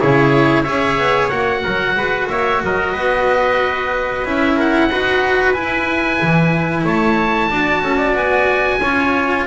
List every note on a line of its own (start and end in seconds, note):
0.00 0.68 C#3
0.00 0.65 E4
0.00 0.64 G#4
0.00 0.64 C#5
0.64 0.98 C#4
0.64 1.31 G#4
0.64 1.61 C#5
0.64 1.29 E5
0.98 1.31 B3
1.30 1.65 A#3
1.30 4.25 F#4
1.30 2.28 F#5
1.64 1.96 F#3
1.64 1.96 A#4
1.96 2.29 G#3
1.96 2.30 B4
2.30 2.63 A#3
2.30 2.63 C#5
2.30 2.62 E5
2.64 2.95 F#3
2.64 2.92 A#4
2.64 4.28 D#5
2.92 4.25 B3
2.92 4.55 B4
4.25 4.90 C#4
4.25 4.91 E4
4.25 4.60 E5
4.57 4.89 A#4
4.57 5.54 F#5
4.91 5.55 D#4
4.91 5.54 F#4
4.91 6.85 B4
5.54 7.50 E4
5.54 6.20 E4
5.54 6.84 G#5
6.22 6.85 E3
6.85 7.50 A3
6.85 7.50 C#5
6.85 8.17 A5
7.50 7.82 D4
7.50 8.81 F#4
7.50 7.83 D5
7.82 8.15 C#4
7.82 7.98 A4
7.98 8.79 D5
8.15 8.80 B3
8.15 9.48 G#5
8.81 9.47 C#4
8.81 9.48 F4
8.81 9.47 C#5